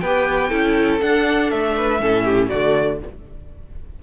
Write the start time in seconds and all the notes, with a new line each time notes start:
0.00 B3 G4 B4 G5
0.49 C#4 E4 A4
1.01 D4 F#5
1.51 A3 E5
1.76 B4
1.99 A2 C#4 A4
2.25 G4
2.49 D3 A3 F#4 D5